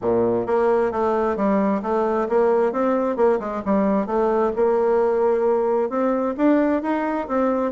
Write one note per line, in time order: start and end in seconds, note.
0.01 0.46 A#2
0.46 0.91 A#3
0.91 1.36 A3
1.36 1.81 G3
1.82 2.28 A3
2.28 2.72 A#3
2.72 3.16 C4
3.16 3.39 A#3
3.39 3.62 G#3
3.65 4.06 G3
4.06 4.51 A3
4.56 5.89 A#3
5.89 6.35 C4
6.37 6.82 D4
6.82 7.27 D#4
7.28 7.71 C4